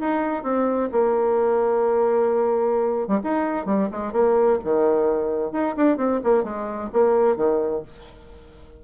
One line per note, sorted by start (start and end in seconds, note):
0.00 0.43 D#4
0.43 0.89 C4
0.92 3.08 A#3
3.08 3.19 G3
3.23 3.65 D#4
3.65 3.89 G3
3.91 4.12 G#3
4.12 4.59 A#3
4.64 5.52 D#3
5.52 5.75 D#4
5.76 5.97 D4
5.97 6.20 C4
6.23 6.43 A#3
6.43 6.89 G#3
6.93 7.36 A#3
7.36 7.82 D#3